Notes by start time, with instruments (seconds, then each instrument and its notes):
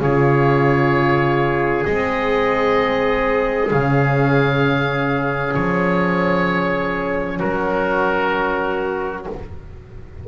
0.00 double bass C#3, horn F4, trumpet G#4, oboe C#5
1.85 double bass G#3, horn C4, oboe D#5
3.71 double bass C#3, horn C#4, oboe F5
5.54 double bass F3, oboe C#5
7.39 double bass F#3, trumpet F#4, oboe A#4